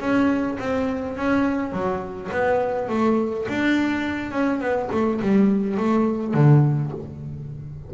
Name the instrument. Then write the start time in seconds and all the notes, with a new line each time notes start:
double bass
0.00 C#4
0.59 C4
1.17 C#4
1.72 F#3
2.32 B3
2.89 A3
3.49 D4
4.32 C#4
4.60 B3
4.92 A3
5.22 G3
5.77 A3
6.34 D3